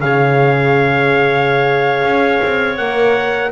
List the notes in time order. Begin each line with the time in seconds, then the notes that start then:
0.00 C#3 G#4 C#5 F5
2.04 C#4
2.43 C4
2.77 A#3 A#4 F#5